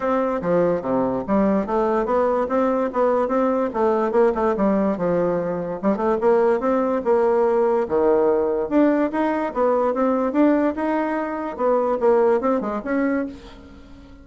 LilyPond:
\new Staff \with { instrumentName = "bassoon" } { \time 4/4 \tempo 4 = 145 c'4 f4 c4 g4 | a4 b4 c'4 b4 | c'4 a4 ais8 a8 g4 | f2 g8 a8 ais4 |
c'4 ais2 dis4~ | dis4 d'4 dis'4 b4 | c'4 d'4 dis'2 | b4 ais4 c'8 gis8 cis'4 | }